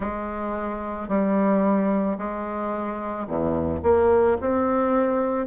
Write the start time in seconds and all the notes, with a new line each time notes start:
0.00 G#3
1.08 G3
2.18 G#3
3.27 E2
3.82 A#3
4.40 C4